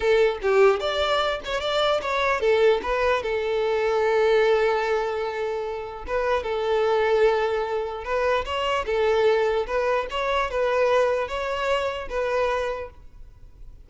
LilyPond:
\new Staff \with { instrumentName = "violin" } { \time 4/4 \tempo 4 = 149 a'4 g'4 d''4. cis''8 | d''4 cis''4 a'4 b'4 | a'1~ | a'2. b'4 |
a'1 | b'4 cis''4 a'2 | b'4 cis''4 b'2 | cis''2 b'2 | }